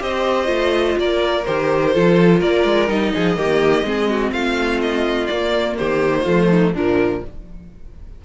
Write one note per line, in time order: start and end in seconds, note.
0.00 0.48 C4
0.00 0.46 G4
0.00 0.98 C5
0.00 0.99 D#5
0.46 0.96 A3
0.46 1.42 F4
0.98 1.46 A#3
0.98 1.94 A#4
0.98 1.45 D5
1.45 1.96 D#3
1.45 1.94 G4
1.45 2.41 C5
1.94 2.42 F3
1.94 2.88 F4
1.94 2.40 A4
2.40 2.65 A#3
2.40 3.12 A#4
2.40 2.89 D5
2.65 2.89 G#3
2.88 3.13 G3
2.88 3.35 D#4
2.88 4.33 D#5
3.15 3.37 F3
3.15 3.38 G#4
3.36 3.84 D#3
3.36 3.84 A#3
3.36 3.86 G4
3.84 4.32 G#3
3.84 5.29 C4
3.84 4.10 G#4
4.10 4.33 F#4
4.33 5.29 A3
4.33 5.77 F4
4.33 4.80 F5
4.82 5.27 D#5
5.27 5.79 A#3
5.27 6.26 A#3
5.27 5.75 D5
5.78 6.27 D#3
5.78 6.22 G4
5.78 6.74 C5
6.22 6.74 F3
6.22 6.74 A3
6.22 6.46 F4
6.50 6.74 D#4
6.74 7.22 A#2
6.74 7.25 F3
6.74 7.22 D4
6.74 7.25 A#4